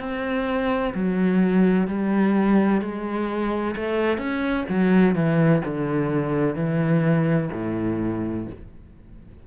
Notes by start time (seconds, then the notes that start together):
0.00 C4
0.95 F#3
1.88 G3
2.82 G#3
3.76 A3
4.18 C#4
4.70 F#3
5.16 E3
5.65 D3
6.56 E3
7.53 A2